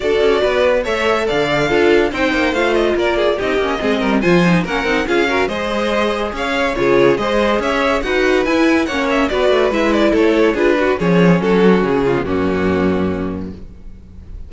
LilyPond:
<<
  \new Staff \with { instrumentName = "violin" } { \time 4/4 \tempo 4 = 142 d''2 e''4 f''4~ | f''4 g''4 f''8 dis''8 d''4 | dis''2 gis''4 fis''4 | f''4 dis''2 f''4 |
cis''4 dis''4 e''4 fis''4 | gis''4 fis''8 e''8 d''4 e''8 d''8 | cis''4 b'4 cis''4 a'4 | gis'4 fis'2. | }
  \new Staff \with { instrumentName = "violin" } { \time 4/4 a'4 b'4 cis''4 d''4 | a'4 c''2 ais'8 gis'8 | g'4 gis'8 ais'8 c''4 ais'4 | gis'8 ais'8 c''2 cis''4 |
gis'4 c''4 cis''4 b'4~ | b'4 cis''4 b'2 | a'4 gis'8 fis'8 gis'4 fis'4~ | fis'8 f'8 cis'2. | }
  \new Staff \with { instrumentName = "viola" } { \time 4/4 fis'2 a'2 | f'4 dis'4 f'2 | dis'8 cis'8 c'4 f'8 dis'8 cis'8 dis'8 | f'8 fis'8 gis'2. |
f'4 gis'2 fis'4 | e'4 cis'4 fis'4 e'4~ | e'4 f'8 fis'8 cis'2~ | cis'8. b16 ais2. | }
  \new Staff \with { instrumentName = "cello" } { \time 4/4 d'8 cis'8 b4 a4 d4 | d'4 c'8 ais8 a4 ais4 | c'8 ais8 gis8 g8 f4 ais8 c'8 | cis'4 gis2 cis'4 |
cis4 gis4 cis'4 dis'4 | e'4 ais4 b8 a8 gis4 | a4 d'4 f4 fis4 | cis4 fis,2. | }
>>